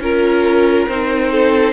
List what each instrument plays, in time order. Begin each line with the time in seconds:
0.00 cello C#4, viola F4, violin A#4
0.88 cello C4, viola D#4, violin C5
1.32 violin A4